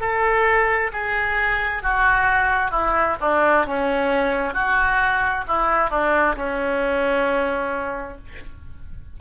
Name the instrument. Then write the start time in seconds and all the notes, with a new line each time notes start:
oboe
0.00 A4
0.93 G#4
1.82 F#4
2.71 E4
3.20 D4
3.66 C#4
4.53 F#4
5.48 E4
5.90 D4
6.36 C#4